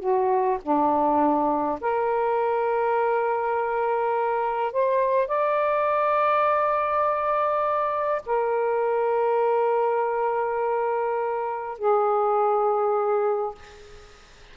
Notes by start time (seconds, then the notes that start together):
0.00 F#4
0.62 D4
1.81 A#4
4.73 C5
5.28 D5
8.26 A#4
11.79 G#4